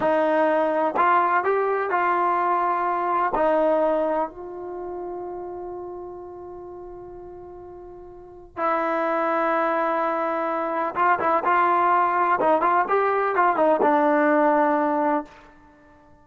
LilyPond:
\new Staff \with { instrumentName = "trombone" } { \time 4/4 \tempo 4 = 126 dis'2 f'4 g'4 | f'2. dis'4~ | dis'4 f'2.~ | f'1~ |
f'2 e'2~ | e'2. f'8 e'8 | f'2 dis'8 f'8 g'4 | f'8 dis'8 d'2. | }